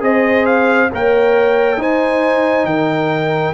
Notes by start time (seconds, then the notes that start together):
0.00 C4 G#4 C5 D#5
0.45 F5
0.92 A#3 A#4 C#5 G5
1.77 D#4 C5 G#5
2.64 D#3 A#4 G5